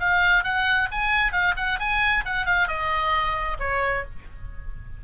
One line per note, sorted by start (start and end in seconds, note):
0.00 0.44 F5
0.44 0.89 F#5
0.92 1.32 G#5
1.32 1.55 F5
1.57 1.80 F#5
1.80 2.25 G#5
2.26 2.46 F#5
2.46 2.68 F5
2.68 3.58 D#5
3.60 4.05 C#5